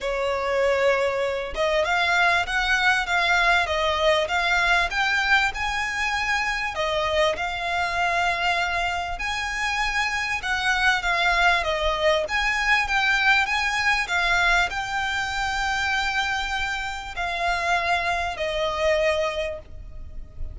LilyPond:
\new Staff \with { instrumentName = "violin" } { \time 4/4 \tempo 4 = 98 cis''2~ cis''8 dis''8 f''4 | fis''4 f''4 dis''4 f''4 | g''4 gis''2 dis''4 | f''2. gis''4~ |
gis''4 fis''4 f''4 dis''4 | gis''4 g''4 gis''4 f''4 | g''1 | f''2 dis''2 | }